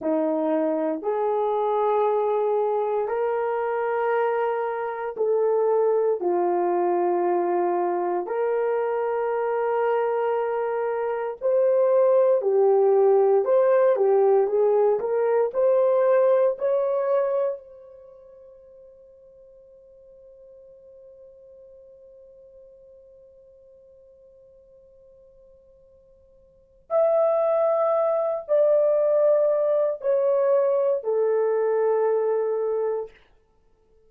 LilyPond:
\new Staff \with { instrumentName = "horn" } { \time 4/4 \tempo 4 = 58 dis'4 gis'2 ais'4~ | ais'4 a'4 f'2 | ais'2. c''4 | g'4 c''8 g'8 gis'8 ais'8 c''4 |
cis''4 c''2.~ | c''1~ | c''2 e''4. d''8~ | d''4 cis''4 a'2 | }